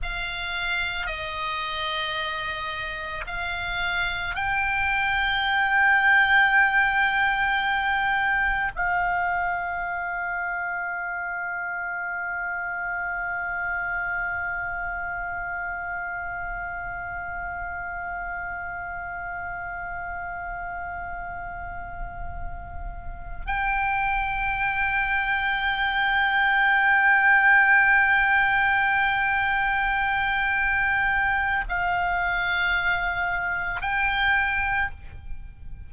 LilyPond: \new Staff \with { instrumentName = "oboe" } { \time 4/4 \tempo 4 = 55 f''4 dis''2 f''4 | g''1 | f''1~ | f''1~ |
f''1~ | f''4. g''2~ g''8~ | g''1~ | g''4 f''2 g''4 | }